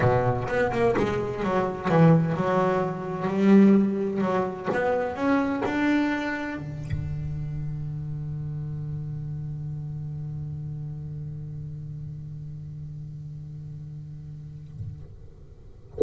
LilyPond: \new Staff \with { instrumentName = "double bass" } { \time 4/4 \tempo 4 = 128 b,4 b8 ais8 gis4 fis4 | e4 fis2 g4~ | g4 fis4 b4 cis'4 | d'2 d2~ |
d1~ | d1~ | d1~ | d1 | }